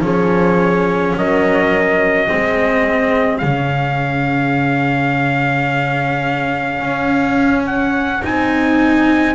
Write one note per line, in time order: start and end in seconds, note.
0.00 1.13 F3
0.00 2.28 C#4
0.00 1.15 G#4
0.00 1.17 C#5
1.16 2.29 F#3
1.16 2.29 A#4
1.16 3.38 D#5
2.28 3.43 G#3
2.28 3.41 C4
2.28 9.35 G#4
3.38 6.81 C#3
3.38 8.22 C#4
3.38 7.62 F5
6.81 8.22 C#4
7.66 8.23 F#5
8.22 9.35 C4
8.22 9.35 D#4
8.22 9.35 G#5